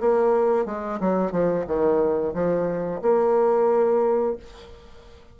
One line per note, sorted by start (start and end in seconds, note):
0.00 0.66 A#3
0.66 0.99 G#3
1.00 1.31 F#3
1.31 1.65 F3
1.67 2.34 D#3
2.34 3.01 F3
3.02 4.37 A#3